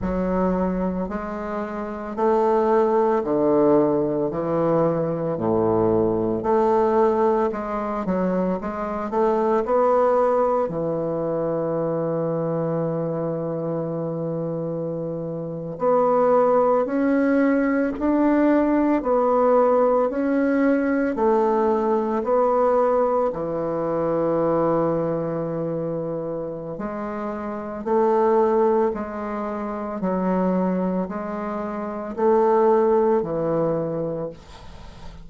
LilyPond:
\new Staff \with { instrumentName = "bassoon" } { \time 4/4 \tempo 4 = 56 fis4 gis4 a4 d4 | e4 a,4 a4 gis8 fis8 | gis8 a8 b4 e2~ | e2~ e8. b4 cis'16~ |
cis'8. d'4 b4 cis'4 a16~ | a8. b4 e2~ e16~ | e4 gis4 a4 gis4 | fis4 gis4 a4 e4 | }